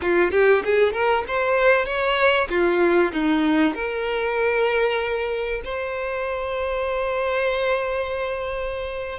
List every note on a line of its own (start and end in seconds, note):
0.01 0.31 F4
0.31 0.62 G4
0.64 0.92 G#4
0.92 1.24 A#4
1.27 1.85 C5
1.85 2.48 C#5
2.49 3.12 F4
3.12 3.74 D#4
3.74 5.61 A#4
5.64 9.18 C5